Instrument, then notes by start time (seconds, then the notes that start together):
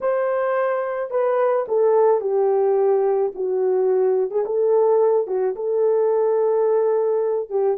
horn
0.00 C5
1.10 B4
1.68 A4
2.20 G4
3.35 F#4
4.31 G#4
4.45 A4
5.27 F#4
5.55 A4
7.49 G4